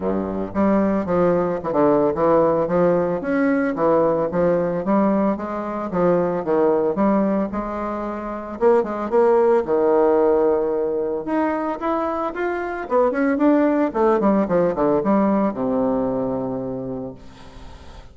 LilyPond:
\new Staff \with { instrumentName = "bassoon" } { \time 4/4 \tempo 4 = 112 g,4 g4 f4 e16 d8. | e4 f4 cis'4 e4 | f4 g4 gis4 f4 | dis4 g4 gis2 |
ais8 gis8 ais4 dis2~ | dis4 dis'4 e'4 f'4 | b8 cis'8 d'4 a8 g8 f8 d8 | g4 c2. | }